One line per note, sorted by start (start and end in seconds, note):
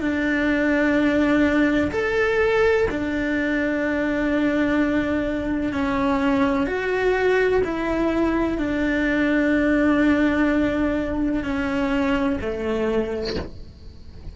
0.00 1.90 D4
1.91 2.87 A4
2.90 5.72 D4
5.72 6.66 C#4
6.66 7.61 F#4
7.64 8.57 E4
8.57 11.43 D4
11.43 12.39 C#4
12.41 13.36 A3